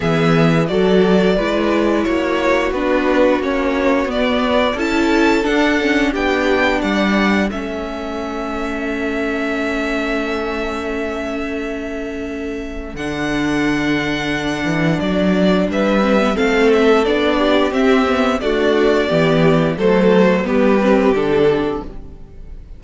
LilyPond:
<<
  \new Staff \with { instrumentName = "violin" } { \time 4/4 \tempo 4 = 88 e''4 d''2 cis''4 | b'4 cis''4 d''4 a''4 | fis''4 g''4 fis''4 e''4~ | e''1~ |
e''2. fis''4~ | fis''2 d''4 e''4 | f''8 e''8 d''4 e''4 d''4~ | d''4 c''4 b'4 a'4 | }
  \new Staff \with { instrumentName = "violin" } { \time 4/4 gis'4 a'4 b'4 fis'4~ | fis'2. a'4~ | a'4 g'4 d''4 a'4~ | a'1~ |
a'1~ | a'2. b'4 | a'4. g'4. fis'4 | g'4 a'4 g'2 | }
  \new Staff \with { instrumentName = "viola" } { \time 4/4 b4 fis'4 e'2 | d'4 cis'4 b4 e'4 | d'8 cis'8 d'2 cis'4~ | cis'1~ |
cis'2. d'4~ | d'2.~ d'8 c'16 b16 | c'4 d'4 c'8 b8 a4 | b4 a4 b8 c'8 d'4 | }
  \new Staff \with { instrumentName = "cello" } { \time 4/4 e4 fis4 gis4 ais4 | b4 ais4 b4 cis'4 | d'4 b4 g4 a4~ | a1~ |
a2. d4~ | d4. e8 fis4 g4 | a4 b4 c'4 d'4 | e4 fis4 g4 d4 | }
>>